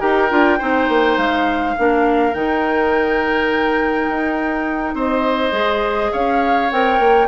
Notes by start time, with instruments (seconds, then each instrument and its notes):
0.00 bassoon D#4, clarinet G4, oboe A#4, flute G5
0.30 bassoon D4, clarinet F4
0.58 bassoon C4, clarinet D#4, oboe C5
0.88 bassoon A#3
1.17 bassoon G#3, flute F5
1.77 bassoon A#3, clarinet D4, oboe A#4
2.33 bassoon D#3, clarinet D#4, flute G5
4.09 bassoon D#4
4.94 bassoon C4, oboe C5, flute D#5
5.52 bassoon G#3, clarinet G#4
6.12 bassoon C#4, oboe C#5, flute F5
6.71 bassoon C4, clarinet A#4, flute G5
6.99 bassoon A#3